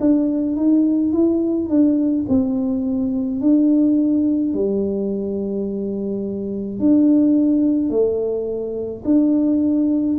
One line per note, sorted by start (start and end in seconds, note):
0.00 0.56 D4
0.56 1.13 D#4
1.13 1.69 E4
1.69 2.26 D4
2.29 3.41 C4
3.41 4.54 D4
4.54 6.79 G3
6.79 7.90 D4
7.90 9.03 A3
9.05 10.18 D4